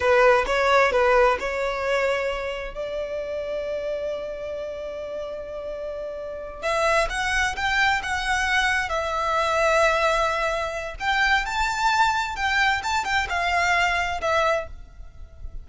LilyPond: \new Staff \with { instrumentName = "violin" } { \time 4/4 \tempo 4 = 131 b'4 cis''4 b'4 cis''4~ | cis''2 d''2~ | d''1~ | d''2~ d''8 e''4 fis''8~ |
fis''8 g''4 fis''2 e''8~ | e''1 | g''4 a''2 g''4 | a''8 g''8 f''2 e''4 | }